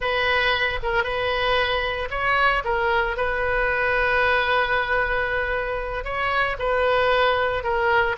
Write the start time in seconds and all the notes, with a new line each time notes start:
0.00 B4
0.82 A#4
1.03 B4
2.10 C#5
2.64 A#4
3.16 B4
6.04 C#5
6.58 B4
7.63 A#4